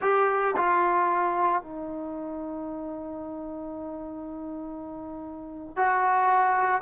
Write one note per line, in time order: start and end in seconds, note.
0.01 0.55 G4
0.56 1.62 F4
1.62 5.76 D#4
5.76 6.81 F#4